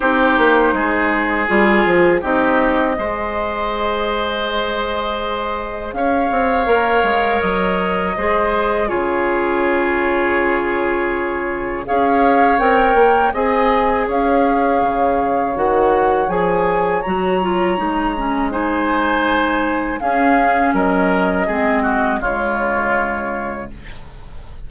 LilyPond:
<<
  \new Staff \with { instrumentName = "flute" } { \time 4/4 \tempo 4 = 81 c''2 gis'4 dis''4~ | dis''1 | f''2 dis''2 | cis''1 |
f''4 g''4 gis''4 f''4~ | f''4 fis''4 gis''4 ais''4~ | ais''4 gis''2 f''4 | dis''2 cis''2 | }
  \new Staff \with { instrumentName = "oboe" } { \time 4/4 g'4 gis'2 g'4 | c''1 | cis''2. c''4 | gis'1 |
cis''2 dis''4 cis''4~ | cis''1~ | cis''4 c''2 gis'4 | ais'4 gis'8 fis'8 f'2 | }
  \new Staff \with { instrumentName = "clarinet" } { \time 4/4 dis'2 f'4 dis'4 | gis'1~ | gis'4 ais'2 gis'4 | f'1 |
gis'4 ais'4 gis'2~ | gis'4 fis'4 gis'4 fis'8 f'8 | dis'8 cis'8 dis'2 cis'4~ | cis'4 c'4 gis2 | }
  \new Staff \with { instrumentName = "bassoon" } { \time 4/4 c'8 ais8 gis4 g8 f8 c'4 | gis1 | cis'8 c'8 ais8 gis8 fis4 gis4 | cis1 |
cis'4 c'8 ais8 c'4 cis'4 | cis4 dis4 f4 fis4 | gis2. cis'4 | fis4 gis4 cis2 | }
>>